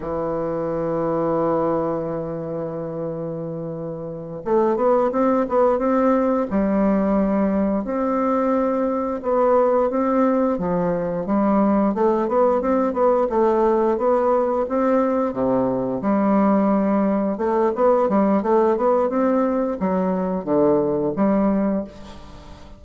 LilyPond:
\new Staff \with { instrumentName = "bassoon" } { \time 4/4 \tempo 4 = 88 e1~ | e2~ e8 a8 b8 c'8 | b8 c'4 g2 c'8~ | c'4. b4 c'4 f8~ |
f8 g4 a8 b8 c'8 b8 a8~ | a8 b4 c'4 c4 g8~ | g4. a8 b8 g8 a8 b8 | c'4 fis4 d4 g4 | }